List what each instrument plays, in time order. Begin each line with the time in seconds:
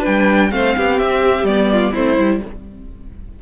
0.00 viola D4, violin B4 G5
0.07 cello G3
0.51 cello A3, viola C4, violin C5 F5
0.77 cello B3, violin G4
0.99 cello C4, violin E5
1.43 cello G3, viola B3, violin D5
1.73 violin F4
1.92 cello A3, viola C4, violin E4 C5
2.18 cello G3, viola E4